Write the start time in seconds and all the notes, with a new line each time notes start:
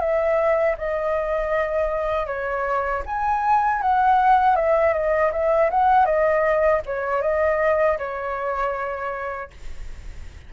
0.00 E5
0.78 D#5
2.27 C#5
3.06 G#5
3.82 F#5
4.56 E5
4.94 D#5
5.33 E5
5.71 F#5
6.06 D#5
6.86 C#5
7.22 D#5
7.99 C#5